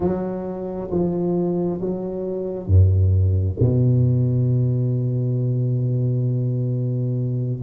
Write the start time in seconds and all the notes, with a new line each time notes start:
0.00 F#3
0.90 F3
1.80 F#3
2.66 F#2
3.59 B2